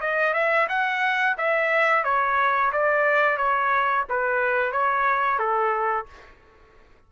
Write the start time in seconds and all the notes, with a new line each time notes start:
0.00 D#5
0.33 E5
0.68 F#5
1.37 E5
2.04 C#5
2.72 D5
3.37 C#5
4.09 B4
4.72 C#5
5.38 A4